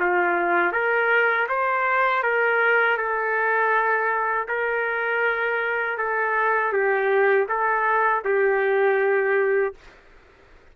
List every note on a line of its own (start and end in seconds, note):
0.00 0.73 F4
0.73 1.48 A#4
1.49 2.23 C5
2.23 2.98 A#4
2.98 4.48 A4
4.49 5.98 A#4
5.98 6.73 A4
6.73 7.48 G4
7.49 8.24 A4
8.25 9.75 G4